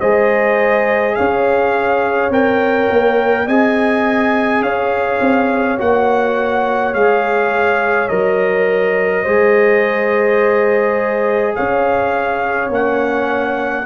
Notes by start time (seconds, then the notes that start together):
0.00 G#3 G#4 C5 D#5
1.15 C#4 C#5 F5
2.30 C4 A#4 G5
2.90 A#3
3.46 C4 G#4 D#5 G#5
4.62 C#4 C#5 F5
5.20 C4
5.78 A#3 F#4 F#5
6.94 G#3 G#4 F5
8.08 F#3 A#4 D#5
9.22 G#3 G#4 C5
11.56 C#4 C#5 F5
12.69 A#3 C#4 F#5